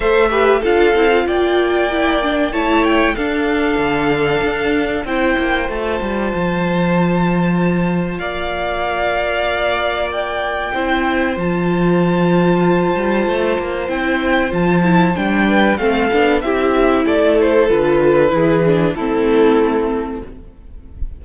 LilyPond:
<<
  \new Staff \with { instrumentName = "violin" } { \time 4/4 \tempo 4 = 95 e''4 f''4 g''2 | a''8 g''8 f''2. | g''4 a''2.~ | a''4 f''2. |
g''2 a''2~ | a''2 g''4 a''4 | g''4 f''4 e''4 d''8 c''8 | b'2 a'2 | }
  \new Staff \with { instrumentName = "violin" } { \time 4/4 c''8 b'8 a'4 d''2 | cis''4 a'2. | c''1~ | c''4 d''2.~ |
d''4 c''2.~ | c''1~ | c''8 b'8 a'4 g'4 a'4~ | a'4 gis'4 e'2 | }
  \new Staff \with { instrumentName = "viola" } { \time 4/4 a'8 g'8 f'8 e'16 f'4~ f'16 e'8 d'8 | e'4 d'2. | e'4 f'2.~ | f'1~ |
f'4 e'4 f'2~ | f'2 e'4 f'8 e'8 | d'4 c'8 d'8 e'2 | f'4 e'8 d'8 c'2 | }
  \new Staff \with { instrumentName = "cello" } { \time 4/4 a4 d'8 c'8 ais2 | a4 d'4 d4 d'4 | c'8 ais8 a8 g8 f2~ | f4 ais2.~ |
ais4 c'4 f2~ | f8 g8 a8 ais8 c'4 f4 | g4 a8 b8 c'4 a4 | d4 e4 a2 | }
>>